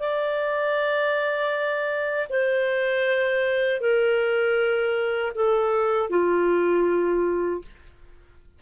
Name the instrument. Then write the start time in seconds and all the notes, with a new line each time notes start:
clarinet
0.00 D5
2.30 C5
3.81 A#4
5.35 A4
6.10 F4